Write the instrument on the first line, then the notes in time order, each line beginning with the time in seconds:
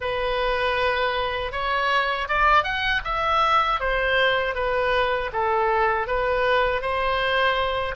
oboe
0.00 B4
1.52 C#5
2.28 D5
2.63 F#5
3.04 E5
3.80 C5
4.55 B4
5.32 A4
6.07 B4
6.81 C5